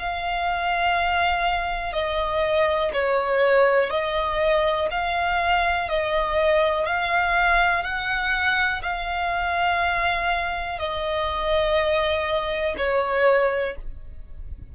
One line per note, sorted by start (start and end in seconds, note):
0.00 1.93 F5
1.93 2.92 D#5
2.94 3.91 C#5
3.91 4.89 D#5
4.91 5.89 F5
5.89 6.86 D#5
6.86 7.84 F5
7.84 8.82 F#5
8.83 10.79 F5
10.79 12.76 D#5
12.77 13.76 C#5